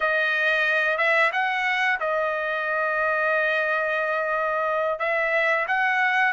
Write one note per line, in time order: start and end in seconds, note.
0.00 0.97 D#5
0.97 1.30 E5
1.32 1.99 F#5
2.00 4.99 D#5
4.99 5.65 E5
5.67 6.32 F#5